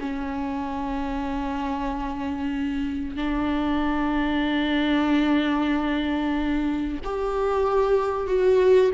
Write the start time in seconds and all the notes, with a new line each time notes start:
0.00 C#4
3.16 D4
7.04 G4
8.27 F#4